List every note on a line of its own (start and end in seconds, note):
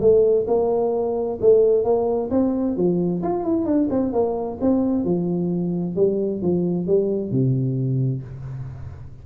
0.00 0.46 A3
0.47 1.39 A#3
1.41 1.84 A3
1.84 2.29 A#3
2.30 2.76 C4
2.76 3.22 F3
3.22 3.44 F4
3.44 3.65 E4
3.65 3.88 D4
3.90 4.12 C4
4.12 4.58 A#3
4.61 5.04 C4
5.04 5.95 F3
5.95 6.41 G3
6.41 6.87 F3
6.87 7.31 G3
7.31 8.23 C3